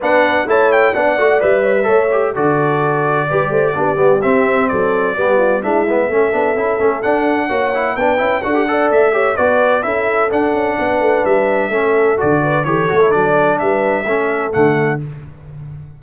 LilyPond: <<
  \new Staff \with { instrumentName = "trumpet" } { \time 4/4 \tempo 4 = 128 fis''4 a''8 g''8 fis''4 e''4~ | e''4 d''2.~ | d''4 e''4 d''2 | e''2. fis''4~ |
fis''4 g''4 fis''4 e''4 | d''4 e''4 fis''2 | e''2 d''4 cis''4 | d''4 e''2 fis''4 | }
  \new Staff \with { instrumentName = "horn" } { \time 4/4 b'4 cis''4 d''4. cis''16 b'16 | cis''4 a'2 b'8 c''8 | g'2 a'4 g'8 f'8 | e'4 a'2. |
cis''4 b'4 a'8 d''4 cis''8 | b'4 a'2 b'4~ | b'4 a'4. b'8 a'4~ | a'4 b'4 a'2 | }
  \new Staff \with { instrumentName = "trombone" } { \time 4/4 d'4 e'4 d'8 fis'8 b'4 | a'8 g'8 fis'2 g'4 | d'8 b8 c'2 b4 | d'8 b8 cis'8 d'8 e'8 cis'8 d'4 |
fis'8 e'8 d'8 e'8 fis'16 g'16 a'4 g'8 | fis'4 e'4 d'2~ | d'4 cis'4 fis'4 g'8 fis'16 e'16 | d'2 cis'4 a4 | }
  \new Staff \with { instrumentName = "tuba" } { \time 4/4 b4 a4 b8 a8 g4 | a4 d2 g8 a8 | b8 g8 c'4 fis4 g4 | gis4 a8 b8 cis'8 a8 d'4 |
ais4 b8 cis'8 d'4 a4 | b4 cis'4 d'8 cis'8 b8 a8 | g4 a4 d4 e8 a8 | fis4 g4 a4 d4 | }
>>